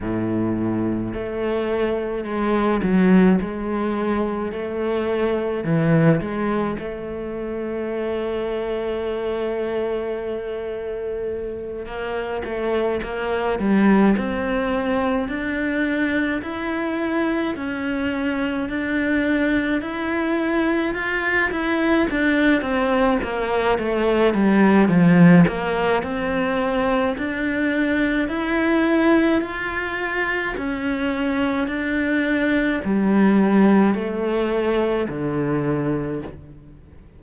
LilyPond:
\new Staff \with { instrumentName = "cello" } { \time 4/4 \tempo 4 = 53 a,4 a4 gis8 fis8 gis4 | a4 e8 gis8 a2~ | a2~ a8 ais8 a8 ais8 | g8 c'4 d'4 e'4 cis'8~ |
cis'8 d'4 e'4 f'8 e'8 d'8 | c'8 ais8 a8 g8 f8 ais8 c'4 | d'4 e'4 f'4 cis'4 | d'4 g4 a4 d4 | }